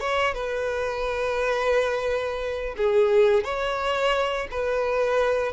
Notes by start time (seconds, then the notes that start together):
0.00 C#5
0.34 B4
2.77 G#4
3.44 C#5
4.51 B4